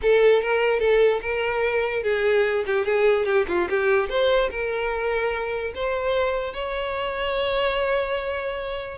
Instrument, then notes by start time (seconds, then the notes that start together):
violin
0.01 A4
0.42 A#4
0.79 A4
1.21 A#4
2.03 G#4
2.66 G4
2.85 G#4
3.25 G4
3.48 F4
3.69 G4
4.09 C5
4.50 A#4
5.74 C5
6.53 C#5